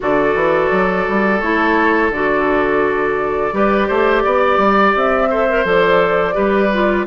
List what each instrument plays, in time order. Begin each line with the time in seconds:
0.00 bassoon D3, clarinet F#4, oboe A4, flute D5
0.35 bassoon E3
0.71 bassoon F#3
1.08 bassoon G3
1.40 bassoon A3, clarinet E4, flute C#5
2.10 bassoon D3, clarinet F#4, flute D5
3.52 bassoon G3, clarinet G4, oboe B4
3.87 bassoon A3, oboe C5
4.24 bassoon B3, oboe D5
4.57 bassoon G3
4.95 bassoon C4, flute E5
5.29 clarinet A4, oboe C5
5.49 clarinet A#4
5.64 bassoon F3, clarinet A4, flute D5
6.33 bassoon G3, clarinet G4, oboe B4
6.73 clarinet F4